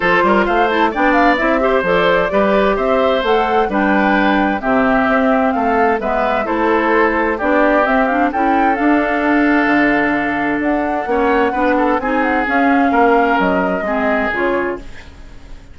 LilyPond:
<<
  \new Staff \with { instrumentName = "flute" } { \time 4/4 \tempo 4 = 130 c''4 f''8 a''8 g''8 f''8 e''4 | d''2 e''4 fis''4 | g''2 e''2 | f''4 e''4 c''2 |
d''4 e''8 f''8 g''4 f''4~ | f''2. fis''4~ | fis''2 gis''8 fis''8 f''4~ | f''4 dis''2 cis''4 | }
  \new Staff \with { instrumentName = "oboe" } { \time 4/4 a'8 ais'8 c''4 d''4. c''8~ | c''4 b'4 c''2 | b'2 g'2 | a'4 b'4 a'2 |
g'2 a'2~ | a'1 | cis''4 b'8 a'8 gis'2 | ais'2 gis'2 | }
  \new Staff \with { instrumentName = "clarinet" } { \time 4/4 f'4. e'8 d'4 e'8 g'8 | a'4 g'2 a'4 | d'2 c'2~ | c'4 b4 e'2 |
d'4 c'8 d'8 e'4 d'4~ | d'1 | cis'4 d'4 dis'4 cis'4~ | cis'2 c'4 f'4 | }
  \new Staff \with { instrumentName = "bassoon" } { \time 4/4 f8 g8 a4 b4 c'4 | f4 g4 c'4 a4 | g2 c4 c'4 | a4 gis4 a2 |
b4 c'4 cis'4 d'4~ | d'4 d2 d'4 | ais4 b4 c'4 cis'4 | ais4 fis4 gis4 cis4 | }
>>